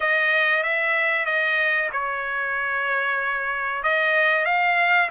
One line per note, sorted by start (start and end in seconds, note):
0.00 0.63 D#5
0.63 1.25 E5
1.25 1.89 D#5
1.92 3.83 C#5
3.83 4.45 D#5
4.45 5.09 F5